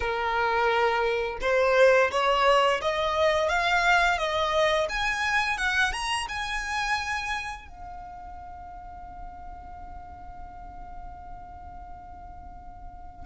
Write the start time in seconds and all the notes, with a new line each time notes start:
0.00 A#4
1.41 C5
2.11 C#5
2.81 D#5
3.49 F5
4.18 D#5
4.89 G#5
5.57 F#5
5.92 A#5
6.28 G#5
7.67 F5